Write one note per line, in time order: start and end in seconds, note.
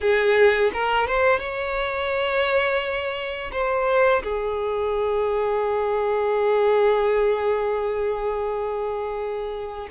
0.00 0.71 G#4
0.73 1.07 A#4
1.07 1.39 C5
1.39 3.51 C#5
3.52 4.22 C5
4.23 9.88 G#4